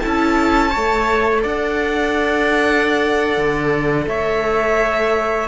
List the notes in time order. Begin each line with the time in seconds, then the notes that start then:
0.00 E4 A4 A5
0.06 C#4
0.70 A3 A4 C#5
1.42 D4 D5 F#5
3.38 D3
4.07 A3 C#5 E5